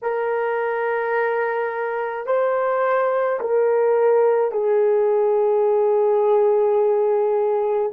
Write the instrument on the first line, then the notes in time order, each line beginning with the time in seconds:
horn
0.02 A#4
2.26 C5
3.40 A#4
4.51 G#4